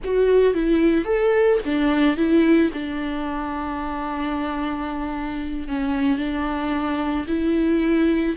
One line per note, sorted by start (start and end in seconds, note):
0.04 0.54 F#4
0.54 1.04 E4
1.04 1.58 A4
1.65 2.16 D4
2.16 2.71 E4
2.73 5.68 D4
5.68 6.18 C#4
6.18 7.26 D4
7.27 8.35 E4